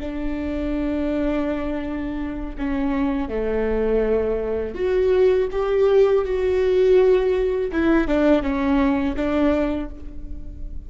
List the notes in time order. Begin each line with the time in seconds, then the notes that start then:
0.00 D4
2.58 C#4
3.29 A3
4.75 F#4
5.51 G4
6.25 F#4
7.72 E4
8.08 D4
8.42 C#4
9.16 D4